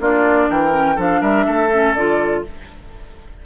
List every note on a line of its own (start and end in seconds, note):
0.00 0.49 A#3
0.00 0.71 D4
0.00 0.49 F4
0.00 0.50 D5
0.49 0.97 E3
0.49 0.95 A#4
0.49 0.99 G5
0.71 0.96 C#4
0.95 1.21 F3
0.95 1.70 D4
0.95 1.20 A4
0.95 1.22 F5
1.21 1.46 G3
1.21 1.45 A#4
1.21 1.94 E5
1.46 1.95 A3
1.46 2.43 A4
1.72 1.96 C#4
1.94 2.44 D3
1.94 2.45 F4
1.94 2.43 D5